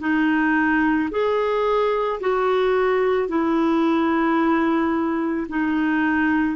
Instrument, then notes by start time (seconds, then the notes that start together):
clarinet
0.00 D#4
1.11 G#4
2.20 F#4
3.28 E4
5.48 D#4